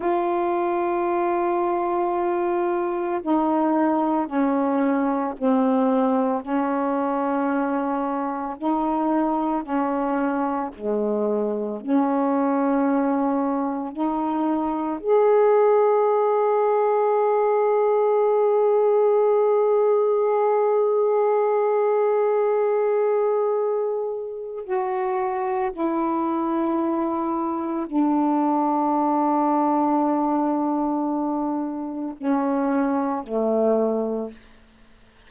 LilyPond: \new Staff \with { instrumentName = "saxophone" } { \time 4/4 \tempo 4 = 56 f'2. dis'4 | cis'4 c'4 cis'2 | dis'4 cis'4 gis4 cis'4~ | cis'4 dis'4 gis'2~ |
gis'1~ | gis'2. fis'4 | e'2 d'2~ | d'2 cis'4 a4 | }